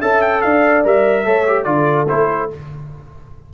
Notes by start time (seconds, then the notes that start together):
0.00 C#4 A4 E5 A5
0.22 G5
0.42 D4 D5 F5
0.85 G3 A#4 E5
1.26 A3 A4 C#5
1.47 G4
1.64 D3 F4 A4 D5
2.09 A3 E4 C5